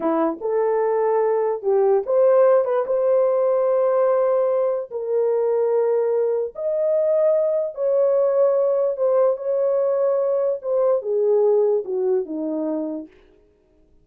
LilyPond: \new Staff \with { instrumentName = "horn" } { \time 4/4 \tempo 4 = 147 e'4 a'2. | g'4 c''4. b'8 c''4~ | c''1 | ais'1 |
dis''2. cis''4~ | cis''2 c''4 cis''4~ | cis''2 c''4 gis'4~ | gis'4 fis'4 dis'2 | }